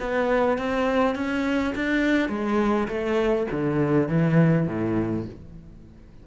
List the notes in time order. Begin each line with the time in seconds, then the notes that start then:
0.00 B3
0.58 C4
1.16 C#4
1.76 D4
2.29 G#3
2.89 A3
3.52 D3
4.09 E3
4.68 A2